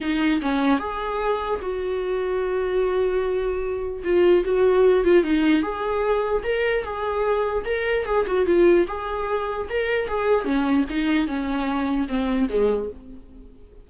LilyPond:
\new Staff \with { instrumentName = "viola" } { \time 4/4 \tempo 4 = 149 dis'4 cis'4 gis'2 | fis'1~ | fis'2 f'4 fis'4~ | fis'8 f'8 dis'4 gis'2 |
ais'4 gis'2 ais'4 | gis'8 fis'8 f'4 gis'2 | ais'4 gis'4 cis'4 dis'4 | cis'2 c'4 gis4 | }